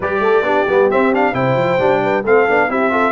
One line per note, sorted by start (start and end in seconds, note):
0.00 0.19 G3
0.00 0.44 G4
0.00 0.22 B4
0.00 0.91 D5
0.19 0.41 A3
0.19 0.44 A4
0.41 0.64 B3
0.41 0.66 D4
0.41 1.34 G4
0.67 0.89 G3
0.67 0.91 B3
0.91 1.13 C4
0.91 1.33 C4
0.91 1.13 E5
1.13 1.33 D4
1.13 1.34 F5
1.33 1.55 C3
1.33 1.78 E4
1.33 2.02 C5
1.33 2.23 G5
1.55 1.77 F3
1.79 2.24 G3
1.79 2.23 D4
2.02 2.23 B4
2.23 2.47 A3
2.23 2.48 C4
2.23 2.68 A4
2.23 2.70 F5
2.48 2.69 B3
2.48 2.68 D4
2.68 3.12 C4
2.68 2.91 E4
2.68 2.91 G4
2.68 3.12 E5
2.91 3.12 F4
2.91 3.12 A4